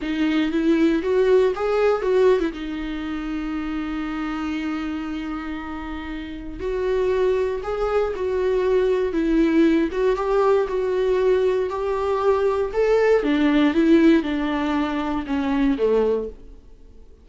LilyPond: \new Staff \with { instrumentName = "viola" } { \time 4/4 \tempo 4 = 118 dis'4 e'4 fis'4 gis'4 | fis'8. e'16 dis'2.~ | dis'1~ | dis'4 fis'2 gis'4 |
fis'2 e'4. fis'8 | g'4 fis'2 g'4~ | g'4 a'4 d'4 e'4 | d'2 cis'4 a4 | }